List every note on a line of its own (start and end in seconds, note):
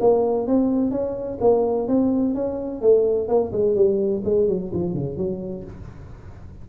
0.00 0.47 A#3
0.47 0.91 C4
0.91 1.38 C#4
1.41 1.88 A#3
1.88 2.35 C4
2.35 2.81 C#4
2.81 3.28 A3
3.28 3.52 A#3
3.52 3.75 G#3
3.75 4.22 G3
4.25 4.48 G#3
4.48 4.72 F#3
4.74 4.94 F3
4.94 5.17 C#3
5.17 5.64 F#3